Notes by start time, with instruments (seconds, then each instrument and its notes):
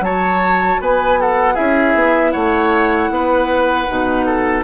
0.00 bassoon F#3, clarinet F#4, oboe C#5, flute A5
0.80 bassoon B3, oboe B4, flute G#5
1.20 oboe A4, flute F#5
1.54 bassoon C#4, clarinet E4, oboe G#4, flute E5
1.94 bassoon B3
2.31 bassoon A3, oboe C#5, flute F#5
3.09 bassoon B3, oboe B4
3.87 bassoon B2, clarinet D#4
4.25 oboe A4